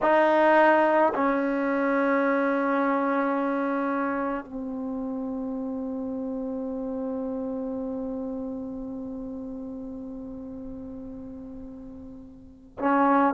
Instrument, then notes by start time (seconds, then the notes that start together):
trombone
0.02 D#4
1.14 C#4
4.44 C4
12.79 C#4